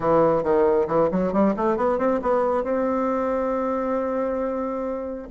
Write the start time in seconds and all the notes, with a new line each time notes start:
0.00 E3
0.43 D#3
0.87 E3
1.11 F#3
1.32 G3
1.56 A3
1.76 B3
1.98 C4
2.22 B3
2.63 C4